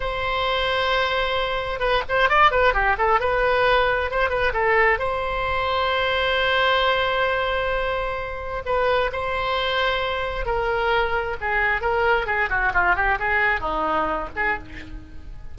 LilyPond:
\new Staff \with { instrumentName = "oboe" } { \time 4/4 \tempo 4 = 132 c''1 | b'8 c''8 d''8 b'8 g'8 a'8 b'4~ | b'4 c''8 b'8 a'4 c''4~ | c''1~ |
c''2. b'4 | c''2. ais'4~ | ais'4 gis'4 ais'4 gis'8 fis'8 | f'8 g'8 gis'4 dis'4. gis'8 | }